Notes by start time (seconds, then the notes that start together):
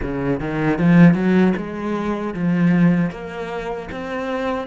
0.02 C#3
0.39 D#3
0.78 F3
1.14 F#3
1.56 G#3
2.34 F3
3.10 A#3
3.91 C4